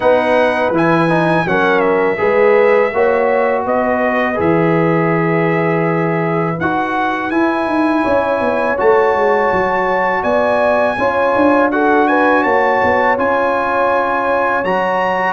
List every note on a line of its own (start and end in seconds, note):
0.00 0.70 B3
0.00 0.73 D#4
0.00 1.46 B4
0.00 0.72 F#5
0.70 1.43 E3
0.70 1.09 E4
0.70 1.48 G#5
1.09 1.45 D#4
1.45 2.18 F#3
1.45 2.17 C#4
1.45 2.18 A#4
1.45 1.79 F#5
1.79 3.62 E5
2.17 2.92 G#3
2.17 2.90 G#4
2.17 2.91 B4
2.92 3.65 A#3
2.92 4.35 F#4
2.92 3.64 C#5
3.64 4.38 B3
3.64 8.02 B4
3.64 4.39 D#5
4.35 6.58 E3
4.35 6.54 G#4
4.35 6.59 E5
6.60 7.30 D#4
6.60 7.31 F#4
6.60 7.30 F#5
7.30 7.66 E4
7.30 8.77 E4
7.30 8.76 G#5
7.66 8.03 D#4
8.02 8.40 C#4
8.02 10.22 C#5
8.40 8.77 B3
8.77 9.15 A3
8.77 10.96 F#4
8.77 10.23 A5
9.15 9.51 G#3
9.52 10.23 F#3
10.22 10.96 B3
10.22 10.96 D5
10.22 11.69 G#5
10.97 11.34 C#4
10.97 11.71 F4
10.97 11.71 C#5
11.35 12.44 D4
11.71 13.17 F#4
11.71 12.09 A4
11.71 12.07 F#5
12.07 12.42 B4
12.07 12.43 G#5
12.42 12.81 A#3
12.42 15.33 C#5
12.42 13.16 A5
12.83 13.18 B3
13.17 14.64 C#4
13.17 14.64 F4
13.17 14.64 G#5
14.64 15.33 F#3
14.64 15.33 F#4
14.64 15.33 A#5